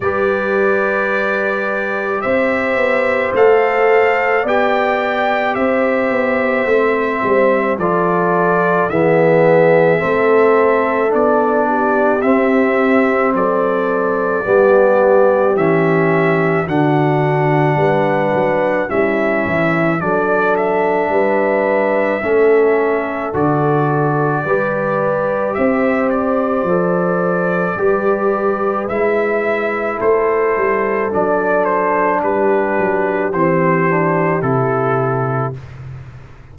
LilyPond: <<
  \new Staff \with { instrumentName = "trumpet" } { \time 4/4 \tempo 4 = 54 d''2 e''4 f''4 | g''4 e''2 d''4 | e''2 d''4 e''4 | d''2 e''4 fis''4~ |
fis''4 e''4 d''8 e''4.~ | e''4 d''2 e''8 d''8~ | d''2 e''4 c''4 | d''8 c''8 b'4 c''4 a'4 | }
  \new Staff \with { instrumentName = "horn" } { \time 4/4 b'2 c''2 | d''4 c''2 a'4 | gis'4 a'4. g'4. | a'4 g'2 fis'4 |
b'4 e'4 a'4 b'4 | a'2 b'4 c''4~ | c''4 b'2 a'4~ | a'4 g'2. | }
  \new Staff \with { instrumentName = "trombone" } { \time 4/4 g'2. a'4 | g'2 c'4 f'4 | b4 c'4 d'4 c'4~ | c'4 b4 cis'4 d'4~ |
d'4 cis'4 d'2 | cis'4 fis'4 g'2 | a'4 g'4 e'2 | d'2 c'8 d'8 e'4 | }
  \new Staff \with { instrumentName = "tuba" } { \time 4/4 g2 c'8 b8 a4 | b4 c'8 b8 a8 g8 f4 | e4 a4 b4 c'4 | fis4 g4 e4 d4 |
g8 fis8 g8 e8 fis4 g4 | a4 d4 g4 c'4 | f4 g4 gis4 a8 g8 | fis4 g8 fis8 e4 c4 | }
>>